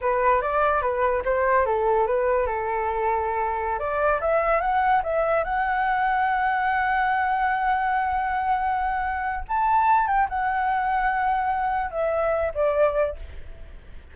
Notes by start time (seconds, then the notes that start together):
0.01 B4
0.41 D5
0.81 B4
1.24 C5
1.65 A4
2.07 B4
2.46 A4
3.79 D5
4.20 E5
4.60 F#5
5.03 E5
5.44 F#5
9.48 A5
10.07 G5
10.29 F#5
11.90 E5
12.54 D5